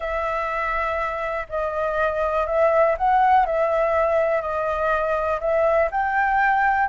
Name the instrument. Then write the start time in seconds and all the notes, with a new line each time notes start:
flute
0.00 E5
1.49 D#5
2.46 E5
2.97 F#5
3.46 E5
4.42 D#5
5.40 E5
5.91 G5